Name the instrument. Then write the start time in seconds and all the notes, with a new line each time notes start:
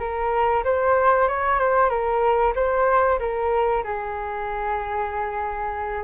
flute
0.00 A#4
0.64 C5
1.29 C#5
1.60 C5
1.90 A#4
2.56 C5
3.20 A#4
3.84 G#4